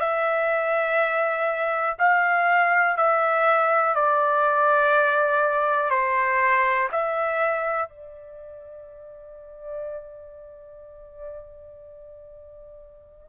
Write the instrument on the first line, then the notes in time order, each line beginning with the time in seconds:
trumpet
0.00 E5
1.99 F5
2.97 E5
3.95 D5
5.90 C5
6.92 E5
7.89 D5